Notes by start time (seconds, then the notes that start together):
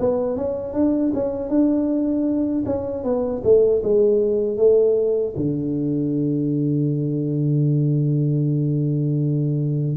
0.00 B3
0.37 C#4
0.74 D4
1.15 C#4
1.49 D4
2.66 C#4
3.04 B3
3.44 A3
3.83 G#3
4.57 A3
5.37 D3